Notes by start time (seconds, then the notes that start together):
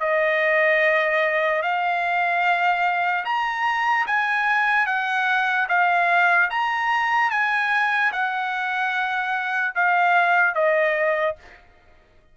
0.00 D#5
1.63 F5
3.25 A#5
4.07 G#5
4.86 F#5
5.69 F5
6.50 A#5
7.31 G#5
8.12 F#5
9.75 F5
10.55 D#5